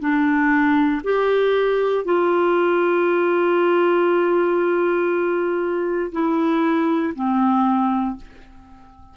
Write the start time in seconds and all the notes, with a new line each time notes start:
0.00 D4
1.04 G4
2.05 F4
6.12 E4
7.15 C4